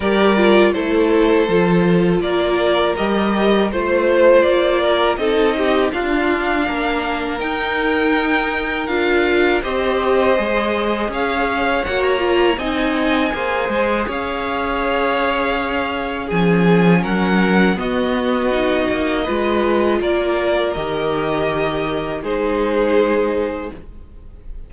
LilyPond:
<<
  \new Staff \with { instrumentName = "violin" } { \time 4/4 \tempo 4 = 81 d''4 c''2 d''4 | dis''4 c''4 d''4 dis''4 | f''2 g''2 | f''4 dis''2 f''4 |
fis''16 ais''8. gis''2 f''4~ | f''2 gis''4 fis''4 | dis''2. d''4 | dis''2 c''2 | }
  \new Staff \with { instrumentName = "violin" } { \time 4/4 ais'4 a'2 ais'4~ | ais'4 c''4. ais'8 a'8 g'8 | f'4 ais'2.~ | ais'4 c''2 cis''4~ |
cis''4 dis''4 c''4 cis''4~ | cis''2 gis'4 ais'4 | fis'2 b'4 ais'4~ | ais'2 gis'2 | }
  \new Staff \with { instrumentName = "viola" } { \time 4/4 g'8 f'8 e'4 f'2 | g'4 f'2 dis'4 | d'2 dis'2 | f'4 g'4 gis'2 |
fis'8 f'8 dis'4 gis'2~ | gis'2 cis'2 | b4 dis'4 f'2 | g'2 dis'2 | }
  \new Staff \with { instrumentName = "cello" } { \time 4/4 g4 a4 f4 ais4 | g4 a4 ais4 c'4 | d'4 ais4 dis'2 | d'4 c'4 gis4 cis'4 |
ais4 c'4 ais8 gis8 cis'4~ | cis'2 f4 fis4 | b4. ais8 gis4 ais4 | dis2 gis2 | }
>>